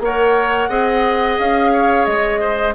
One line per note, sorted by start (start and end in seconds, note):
0.00 0.68 A#3
0.00 0.69 A#4
0.00 0.69 C#5
0.00 1.39 F#5
0.69 1.37 C4
0.69 2.74 G#4
0.69 1.71 D#5
1.39 2.07 C#4
1.39 2.05 F5
1.73 2.40 C#5
2.05 2.75 G#3
2.05 2.73 D#5
2.40 2.74 C5